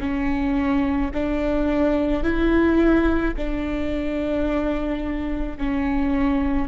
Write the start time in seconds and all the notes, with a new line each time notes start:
0.00 C#4
1.14 D4
2.24 E4
3.37 D4
5.58 C#4